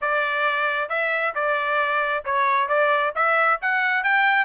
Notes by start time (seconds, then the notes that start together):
0.01 D5
0.89 E5
1.35 D5
2.24 C#5
2.68 D5
3.15 E5
3.61 F#5
4.03 G5